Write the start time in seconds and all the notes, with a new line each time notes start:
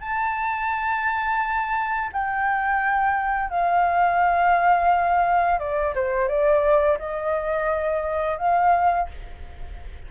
0.00 A5
2.12 G5
3.49 F5
5.59 D5
5.95 C5
6.28 D5
6.98 D#5
8.38 F5